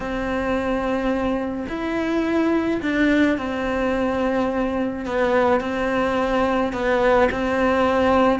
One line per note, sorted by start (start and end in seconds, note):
0.00 1.66 C4
1.68 2.80 E4
2.82 3.37 D4
3.37 5.05 C4
5.05 5.60 B3
5.60 6.72 C4
6.72 7.28 B3
7.31 8.39 C4